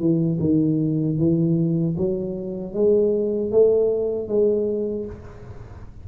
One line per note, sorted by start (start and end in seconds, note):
0.00 0.39 E3
0.40 1.18 D#3
1.18 1.96 E3
1.98 2.74 F#3
2.74 3.52 G#3
3.52 4.28 A3
4.28 5.06 G#3